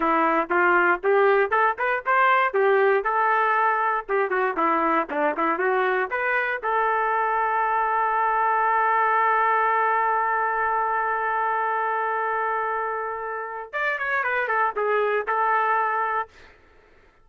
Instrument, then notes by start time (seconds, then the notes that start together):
trumpet
0.00 E4
0.50 F4
1.03 G4
1.50 A4
1.78 B4
2.06 C5
2.53 G4
3.04 A4
4.08 G4
4.30 F#4
4.56 E4
5.10 D4
5.36 E4
5.58 F#4
6.10 B4
6.62 A4
13.73 D5
13.98 C#5
14.23 B4
14.48 A4
14.76 G#4
15.27 A4